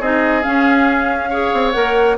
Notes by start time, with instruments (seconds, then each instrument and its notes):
0.00 bassoon C4, clarinet D#4, oboe G#4, flute D#5
0.43 clarinet C#4, bassoon C#4, flute F5
1.30 clarinet G#4, oboe C#5
1.53 bassoon C4
1.72 bassoon A#3, clarinet A#4, flute F#5